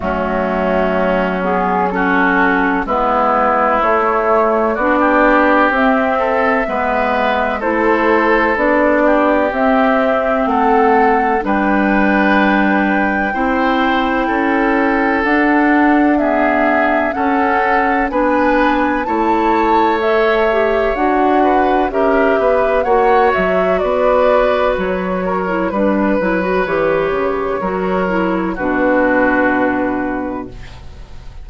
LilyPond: <<
  \new Staff \with { instrumentName = "flute" } { \time 4/4 \tempo 4 = 63 fis'4. gis'8 a'4 b'4 | cis''4 d''4 e''2 | c''4 d''4 e''4 fis''4 | g''1 |
fis''4 e''4 fis''4 gis''4 | a''4 e''4 fis''4 e''4 | fis''8 e''8 d''4 cis''4 b'4 | cis''2 b'2 | }
  \new Staff \with { instrumentName = "oboe" } { \time 4/4 cis'2 fis'4 e'4~ | e'4 fis'16 g'4~ g'16 a'8 b'4 | a'4. g'4. a'4 | b'2 c''4 a'4~ |
a'4 gis'4 a'4 b'4 | cis''2~ cis''8 b'8 ais'8 b'8 | cis''4 b'4. ais'8 b'4~ | b'4 ais'4 fis'2 | }
  \new Staff \with { instrumentName = "clarinet" } { \time 4/4 a4. b8 cis'4 b4 | a4 d'4 c'4 b4 | e'4 d'4 c'2 | d'2 e'2 |
d'4 b4 cis'4 d'4 | e'4 a'8 g'8 fis'4 g'4 | fis'2~ fis'8. e'16 d'8 e'16 fis'16 | g'4 fis'8 e'8 d'2 | }
  \new Staff \with { instrumentName = "bassoon" } { \time 4/4 fis2. gis4 | a4 b4 c'4 gis4 | a4 b4 c'4 a4 | g2 c'4 cis'4 |
d'2 cis'4 b4 | a2 d'4 cis'8 b8 | ais8 fis8 b4 fis4 g8 fis8 | e8 cis8 fis4 b,2 | }
>>